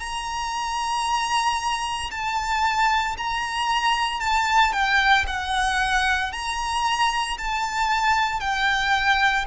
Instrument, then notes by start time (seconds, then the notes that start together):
violin
0.00 A#5
2.11 A5
3.18 A#5
4.21 A5
4.73 G5
5.27 F#5
6.33 A#5
7.38 A5
8.41 G5